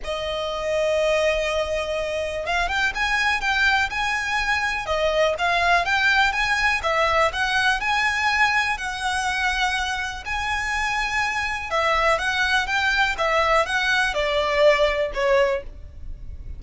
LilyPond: \new Staff \with { instrumentName = "violin" } { \time 4/4 \tempo 4 = 123 dis''1~ | dis''4 f''8 g''8 gis''4 g''4 | gis''2 dis''4 f''4 | g''4 gis''4 e''4 fis''4 |
gis''2 fis''2~ | fis''4 gis''2. | e''4 fis''4 g''4 e''4 | fis''4 d''2 cis''4 | }